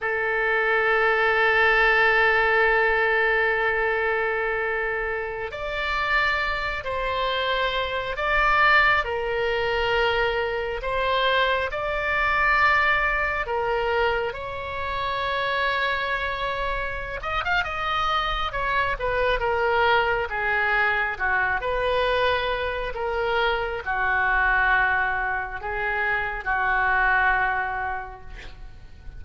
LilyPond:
\new Staff \with { instrumentName = "oboe" } { \time 4/4 \tempo 4 = 68 a'1~ | a'2~ a'16 d''4. c''16~ | c''4~ c''16 d''4 ais'4.~ ais'16~ | ais'16 c''4 d''2 ais'8.~ |
ais'16 cis''2.~ cis''16 dis''16 f''16 | dis''4 cis''8 b'8 ais'4 gis'4 | fis'8 b'4. ais'4 fis'4~ | fis'4 gis'4 fis'2 | }